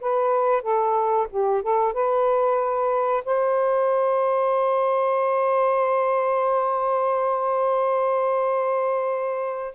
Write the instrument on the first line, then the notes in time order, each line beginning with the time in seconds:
saxophone
0.00 B4
0.62 A4
1.30 G4
1.62 A4
1.93 B4
3.24 C5